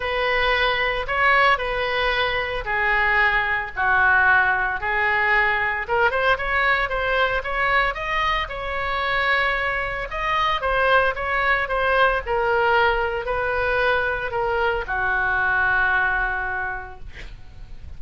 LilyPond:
\new Staff \with { instrumentName = "oboe" } { \time 4/4 \tempo 4 = 113 b'2 cis''4 b'4~ | b'4 gis'2 fis'4~ | fis'4 gis'2 ais'8 c''8 | cis''4 c''4 cis''4 dis''4 |
cis''2. dis''4 | c''4 cis''4 c''4 ais'4~ | ais'4 b'2 ais'4 | fis'1 | }